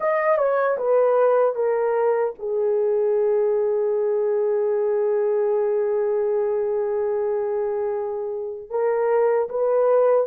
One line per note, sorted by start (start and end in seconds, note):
0.00 0.37 D#5
0.37 0.77 C#5
0.77 1.55 B4
1.55 2.34 A#4
2.39 8.69 G#4
8.69 9.48 A#4
9.49 10.27 B4